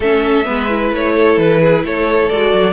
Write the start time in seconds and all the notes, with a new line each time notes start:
0.00 A3 C#4 A4 E5
0.44 G#3 B3 B4
0.68 E4
0.92 A3 C#5
1.15 A4
1.37 E3 B4
1.61 G#4
1.83 A3 A4 C#5
2.29 G#3 F#4 D5
2.53 F#3